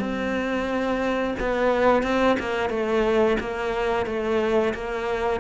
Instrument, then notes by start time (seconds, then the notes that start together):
cello
0.00 C4
1.40 B3
2.03 C4
2.40 A#3
2.70 A3
3.40 A#3
4.06 A3
4.74 A#3